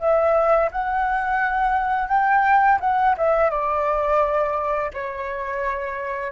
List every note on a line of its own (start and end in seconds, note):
0.00 0.71 E5
0.72 2.09 F#5
2.09 2.79 G5
2.81 3.16 F#5
3.18 3.50 E5
3.50 4.92 D5
4.94 6.33 C#5